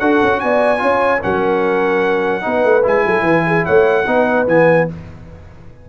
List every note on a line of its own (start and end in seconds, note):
0.00 0.22 D4
0.00 0.78 F#4
0.00 0.41 A4
0.00 0.41 F#5
0.23 0.43 C#4
0.41 0.82 B3
0.41 0.82 D5
0.41 1.22 G#5
0.78 1.23 C#4
0.78 1.19 F4
0.78 1.23 C#5
1.22 2.46 F#3
1.22 2.42 C#4
1.22 2.45 A#4
1.22 2.85 F#5
2.42 2.65 B3
2.42 2.82 D#4
2.42 3.06 B4
2.65 2.85 A3
2.83 3.06 G#3
2.83 4.05 E4
2.83 3.66 G#5
3.06 3.23 F#3
3.06 3.23 A4
3.23 3.63 E3
3.23 3.43 B4
3.47 3.66 G#4
3.66 4.07 A3
3.66 4.07 C#5
3.66 4.47 F#5
4.07 4.48 B3
4.07 4.48 D#4
4.07 4.90 B4
4.48 4.88 E3
4.48 4.89 B3
4.48 4.89 G#5